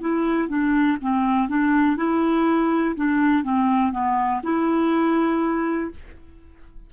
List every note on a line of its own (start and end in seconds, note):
0.00 0.48 E4
0.48 0.97 D4
1.01 1.49 C4
1.49 1.96 D4
1.96 2.95 E4
2.96 3.43 D4
3.43 3.92 C4
3.92 4.41 B3
4.43 5.91 E4